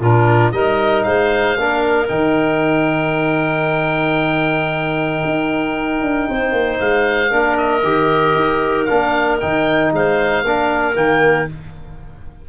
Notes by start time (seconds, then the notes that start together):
0.00 A#2 D4 F4 A#4
0.52 G3 D#4 A#4 D#5
1.03 G#3 C5 F5
1.57 A#3 D4 A#4
2.07 D#3 D#4 G5
5.25 D#4
6.02 D4
6.29 C4 C5
6.52 A#3
6.80 G#3 F5
7.30 A#3 D4 A#4
7.57 D#5
7.83 D#3 G4
8.35 D#4
8.85 A#3 D4 F5
9.41 D#3 D#4 G5
9.93 G#3 C5 F5
10.44 A#3 D4 A#4
10.95 D#3 A#3 G5